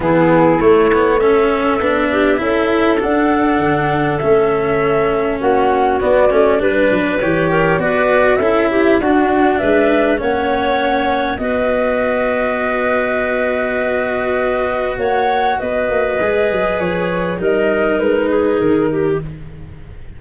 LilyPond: <<
  \new Staff \with { instrumentName = "flute" } { \time 4/4 \tempo 4 = 100 gis'4 cis''4 e''2~ | e''4 fis''2 e''4~ | e''4 fis''4 d''4 b'4 | cis''4 d''4 e''4 fis''4 |
e''4 fis''2 dis''4~ | dis''1~ | dis''4 fis''4 dis''2 | cis''4 dis''4 b'4 ais'4 | }
  \new Staff \with { instrumentName = "clarinet" } { \time 4/4 e'2 a'4. g'8 | a'1~ | a'4 fis'2 b'4~ | b'8 ais'8 b'4 a'8 g'8 fis'4 |
b'4 cis''2 b'4~ | b'1~ | b'4 cis''4 b'2~ | b'4 ais'4. gis'4 g'8 | }
  \new Staff \with { instrumentName = "cello" } { \time 4/4 b4 a8 b8 cis'4 d'4 | e'4 d'2 cis'4~ | cis'2 b8 cis'8 d'4 | g'4 fis'4 e'4 d'4~ |
d'4 cis'2 fis'4~ | fis'1~ | fis'2. gis'4~ | gis'4 dis'2. | }
  \new Staff \with { instrumentName = "tuba" } { \time 4/4 e4 a2 b4 | cis'4 d'4 d4 a4~ | a4 ais4 b8 a8 g8 fis8 | e4 b4 cis'4 d'4 |
gis4 ais2 b4~ | b1~ | b4 ais4 b8 ais8 gis8 fis8 | f4 g4 gis4 dis4 | }
>>